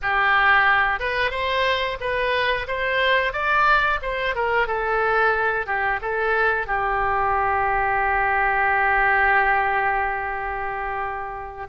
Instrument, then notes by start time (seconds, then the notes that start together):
oboe
0.02 G4
0.99 B4
1.31 C5
2.00 B4
2.67 C5
3.32 D5
4.02 C5
4.35 A#4
4.67 A4
5.66 G4
6.01 A4
6.67 G4